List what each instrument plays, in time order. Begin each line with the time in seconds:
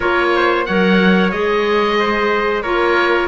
0.00 cello A#3, clarinet F4, trumpet A#4, oboe C#5
0.35 trumpet C5
0.65 cello F#3, clarinet A#4, trumpet C#5, oboe F#5
1.31 cello G#3, clarinet G#4, oboe D#5
1.99 trumpet C5
2.62 cello A#3, clarinet F4, trumpet A#4, oboe C#5